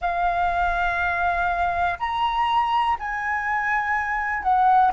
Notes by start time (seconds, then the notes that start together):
0.01 F5
1.99 A#5
2.99 G#5
4.42 F#5